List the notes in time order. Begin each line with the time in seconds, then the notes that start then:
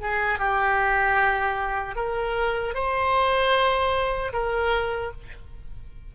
0.00 G#4
0.38 G4
1.95 A#4
2.74 C5
4.32 A#4